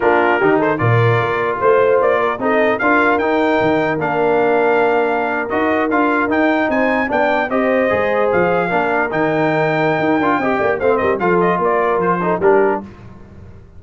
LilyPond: <<
  \new Staff \with { instrumentName = "trumpet" } { \time 4/4 \tempo 4 = 150 ais'4. c''8 d''2 | c''4 d''4 dis''4 f''4 | g''2 f''2~ | f''4.~ f''16 dis''4 f''4 g''16~ |
g''8. gis''4 g''4 dis''4~ dis''16~ | dis''8. f''2 g''4~ g''16~ | g''2. f''8 dis''8 | f''8 dis''8 d''4 c''4 ais'4 | }
  \new Staff \with { instrumentName = "horn" } { \time 4/4 f'4 g'8 a'8 ais'2 | c''4. ais'8 a'4 ais'4~ | ais'1~ | ais'1~ |
ais'8. c''4 d''4 c''4~ c''16~ | c''4.~ c''16 ais'2~ ais'16~ | ais'2 dis''8 d''8 c''8 ais'8 | a'4 ais'4. a'8 g'4 | }
  \new Staff \with { instrumentName = "trombone" } { \time 4/4 d'4 dis'4 f'2~ | f'2 dis'4 f'4 | dis'2 d'2~ | d'4.~ d'16 fis'4 f'4 dis'16~ |
dis'4.~ dis'16 d'4 g'4 gis'16~ | gis'4.~ gis'16 d'4 dis'4~ dis'16~ | dis'4. f'8 g'4 c'4 | f'2~ f'8 dis'8 d'4 | }
  \new Staff \with { instrumentName = "tuba" } { \time 4/4 ais4 dis4 ais,4 ais4 | a4 ais4 c'4 d'4 | dis'4 dis4 ais2~ | ais4.~ ais16 dis'4 d'4 dis'16~ |
dis'8. c'4 b4 c'4 gis16~ | gis8. f4 ais4 dis4~ dis16~ | dis4 dis'8 d'8 c'8 ais8 a8 g8 | f4 ais4 f4 g4 | }
>>